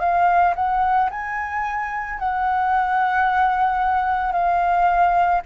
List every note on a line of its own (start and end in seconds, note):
0.00 0.55 F5
0.56 1.10 F#5
1.11 2.19 G#5
2.19 4.32 F#5
4.32 5.41 F5